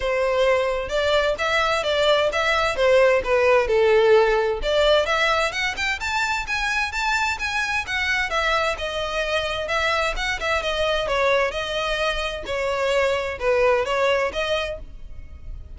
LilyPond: \new Staff \with { instrumentName = "violin" } { \time 4/4 \tempo 4 = 130 c''2 d''4 e''4 | d''4 e''4 c''4 b'4 | a'2 d''4 e''4 | fis''8 g''8 a''4 gis''4 a''4 |
gis''4 fis''4 e''4 dis''4~ | dis''4 e''4 fis''8 e''8 dis''4 | cis''4 dis''2 cis''4~ | cis''4 b'4 cis''4 dis''4 | }